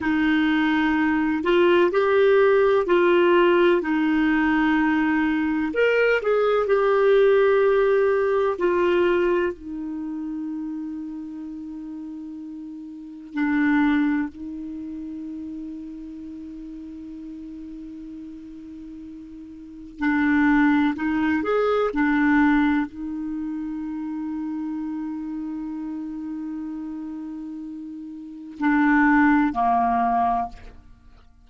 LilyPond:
\new Staff \with { instrumentName = "clarinet" } { \time 4/4 \tempo 4 = 63 dis'4. f'8 g'4 f'4 | dis'2 ais'8 gis'8 g'4~ | g'4 f'4 dis'2~ | dis'2 d'4 dis'4~ |
dis'1~ | dis'4 d'4 dis'8 gis'8 d'4 | dis'1~ | dis'2 d'4 ais4 | }